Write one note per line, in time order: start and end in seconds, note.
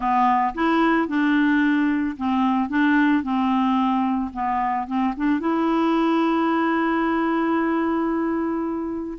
0.00 0.53 B3
0.54 1.08 E4
1.08 2.16 D4
2.17 2.69 C4
2.69 3.23 D4
3.23 4.31 C4
4.33 4.87 B3
4.87 5.14 C4
5.16 5.40 D4
5.40 9.18 E4